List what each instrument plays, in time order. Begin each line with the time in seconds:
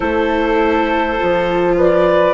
0.00 bassoon A3, viola E4, flute A4, clarinet C5
1.17 bassoon F3, viola F4
1.76 flute B4, clarinet D5